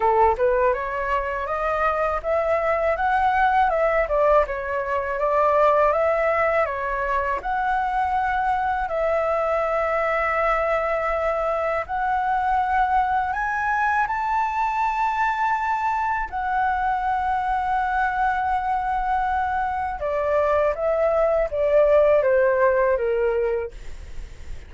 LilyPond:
\new Staff \with { instrumentName = "flute" } { \time 4/4 \tempo 4 = 81 a'8 b'8 cis''4 dis''4 e''4 | fis''4 e''8 d''8 cis''4 d''4 | e''4 cis''4 fis''2 | e''1 |
fis''2 gis''4 a''4~ | a''2 fis''2~ | fis''2. d''4 | e''4 d''4 c''4 ais'4 | }